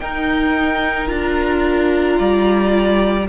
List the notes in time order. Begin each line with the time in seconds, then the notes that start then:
0.00 D#4 A#4 G5
1.08 D4 F4 A#5
2.19 G3 D5